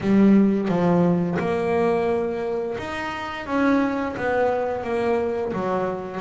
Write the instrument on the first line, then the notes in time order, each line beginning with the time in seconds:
double bass
0.00 G3
0.68 F3
1.39 A#3
2.77 D#4
3.46 C#4
4.16 B3
4.83 A#3
5.52 F#3